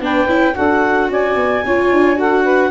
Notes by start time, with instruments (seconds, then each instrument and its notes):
0.00 tuba B3, viola D4, saxophone B4, clarinet G5
0.27 tuba C#4, viola E4
0.55 tuba D4, viola F#4, saxophone A4, clarinet F#5
1.10 tuba C#4, saxophone D5, clarinet G#5
1.35 tuba B3
1.64 tuba C#4, viola F4, saxophone C#5
1.91 tuba D4
2.16 viola F#4, saxophone A4, clarinet F#5
2.43 saxophone B4